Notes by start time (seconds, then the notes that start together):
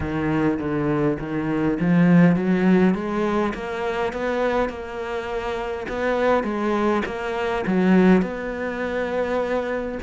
0.00 D#3
0.59 D3
1.19 D#3
1.79 F3
2.36 F#3
2.94 G#3
3.54 A#3
4.12 B3
4.69 A#3
5.88 B3
6.43 G#3
7.05 A#3
7.66 F#3
8.22 B3